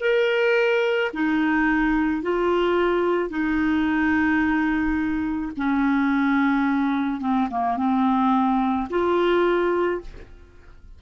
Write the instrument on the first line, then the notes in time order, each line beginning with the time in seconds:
clarinet
0.00 A#4
1.14 D#4
2.22 F4
3.30 D#4
5.57 C#4
7.21 C4
7.50 A#3
7.77 C4
8.90 F4